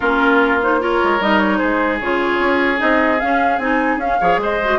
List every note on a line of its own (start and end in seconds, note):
0.00 1.01 A#3
0.00 0.61 C#4
0.00 0.80 F4
0.00 0.60 A#4
0.62 0.79 D#4
0.62 0.82 C5
0.79 1.19 F4
0.79 1.58 A#4
0.79 1.22 C#5
1.03 1.20 G#3
1.20 1.60 G3
1.20 2.01 D#4
1.20 1.38 D#5
1.38 1.57 C#5
1.57 2.00 G#3
1.57 4.18 G#4
1.57 1.97 C5
2.00 2.39 C#3
2.00 2.77 F4
2.00 2.80 C#5
2.39 2.79 C#4
2.77 3.22 C4
2.77 3.17 D#4
2.77 3.19 D#5
3.19 3.60 C#4
3.19 3.58 C#4
3.19 3.58 F5
3.58 3.97 C4
3.58 4.00 D#4
3.58 3.98 G#5
3.97 4.17 C#4
3.97 4.20 C#4
3.97 4.39 F5
4.20 4.37 F3
4.20 4.61 G#4
4.20 4.40 C#5
4.37 4.77 G#3
4.37 4.79 C5
4.37 4.79 D#5
4.64 4.79 F#4